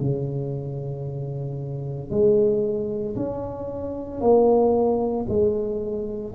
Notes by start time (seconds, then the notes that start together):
0.00 C#3
2.10 G#3
3.16 C#4
4.21 A#3
5.28 G#3